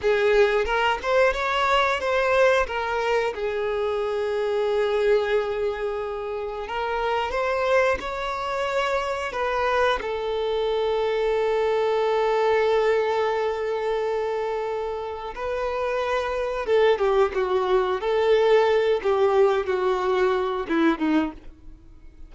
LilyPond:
\new Staff \with { instrumentName = "violin" } { \time 4/4 \tempo 4 = 90 gis'4 ais'8 c''8 cis''4 c''4 | ais'4 gis'2.~ | gis'2 ais'4 c''4 | cis''2 b'4 a'4~ |
a'1~ | a'2. b'4~ | b'4 a'8 g'8 fis'4 a'4~ | a'8 g'4 fis'4. e'8 dis'8 | }